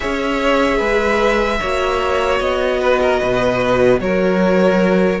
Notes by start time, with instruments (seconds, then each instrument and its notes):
0.00 cello C#4, viola G#4, violin C#5 E5
0.77 cello G#3, violin B4
1.60 cello A#3, viola F#4, violin C#5
2.40 cello B3, violin D#5
2.80 violin B4
3.01 violin A#4
3.19 cello B2, violin B4
4.00 cello F#3, violin A#4 C#5